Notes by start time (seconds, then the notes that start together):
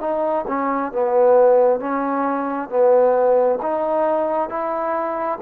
0.00 D#4
0.47 C#4
0.92 B3
1.80 C#4
2.69 B3
3.62 D#4
4.49 E4